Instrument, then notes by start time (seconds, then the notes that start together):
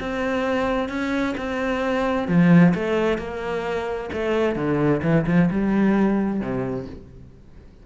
cello
0.00 C4
0.89 C#4
1.37 C4
2.28 F3
2.74 A3
3.18 A#3
4.13 A3
4.56 D3
5.03 E3
5.27 F3
5.51 G3
6.40 C3